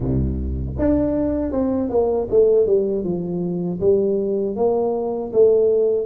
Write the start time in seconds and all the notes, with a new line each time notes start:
0.00 C2
0.78 D4
1.51 C4
1.90 A#3
2.30 A3
2.66 G3
3.04 F3
3.80 G3
4.56 A#3
5.32 A3